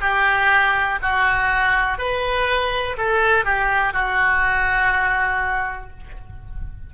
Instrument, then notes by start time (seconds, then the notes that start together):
oboe
0.00 G4
1.02 F#4
1.98 B4
2.97 A4
3.44 G4
3.93 F#4